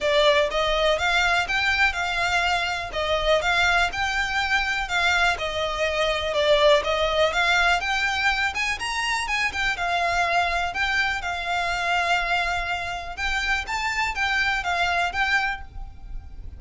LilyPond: \new Staff \with { instrumentName = "violin" } { \time 4/4 \tempo 4 = 123 d''4 dis''4 f''4 g''4 | f''2 dis''4 f''4 | g''2 f''4 dis''4~ | dis''4 d''4 dis''4 f''4 |
g''4. gis''8 ais''4 gis''8 g''8 | f''2 g''4 f''4~ | f''2. g''4 | a''4 g''4 f''4 g''4 | }